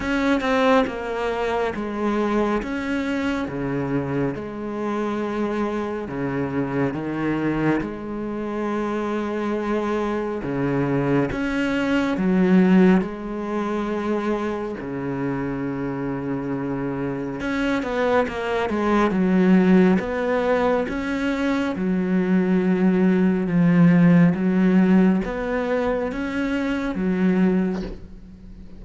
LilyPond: \new Staff \with { instrumentName = "cello" } { \time 4/4 \tempo 4 = 69 cis'8 c'8 ais4 gis4 cis'4 | cis4 gis2 cis4 | dis4 gis2. | cis4 cis'4 fis4 gis4~ |
gis4 cis2. | cis'8 b8 ais8 gis8 fis4 b4 | cis'4 fis2 f4 | fis4 b4 cis'4 fis4 | }